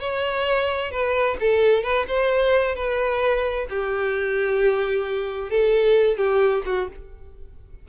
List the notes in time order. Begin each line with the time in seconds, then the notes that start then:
0.00 C#5
0.91 B4
1.40 A4
1.83 B4
2.07 C5
2.75 B4
3.70 G4
5.50 A4
6.17 G4
6.66 F#4